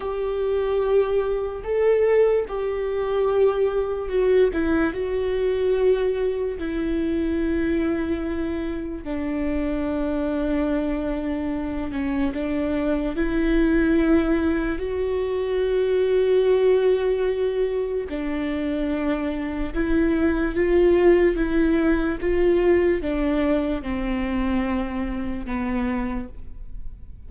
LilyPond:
\new Staff \with { instrumentName = "viola" } { \time 4/4 \tempo 4 = 73 g'2 a'4 g'4~ | g'4 fis'8 e'8 fis'2 | e'2. d'4~ | d'2~ d'8 cis'8 d'4 |
e'2 fis'2~ | fis'2 d'2 | e'4 f'4 e'4 f'4 | d'4 c'2 b4 | }